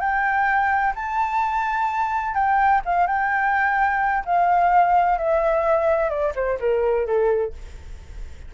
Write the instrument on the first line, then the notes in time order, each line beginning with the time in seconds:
flute
0.00 G5
0.95 A5
2.34 G5
2.85 F5
3.07 G5
4.25 F5
5.18 E5
6.09 D5
6.35 C5
6.59 A#4
7.06 A4